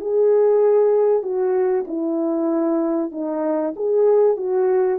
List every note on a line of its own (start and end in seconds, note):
0.00 1.22 G#4
1.22 1.85 F#4
1.87 3.11 E4
3.11 3.74 D#4
3.76 4.36 G#4
4.36 4.99 F#4